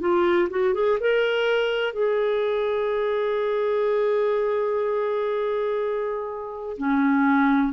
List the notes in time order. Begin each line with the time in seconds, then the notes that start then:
0.00 F4
0.50 F#4
0.74 G#4
1.00 A#4
1.93 G#4
6.78 C#4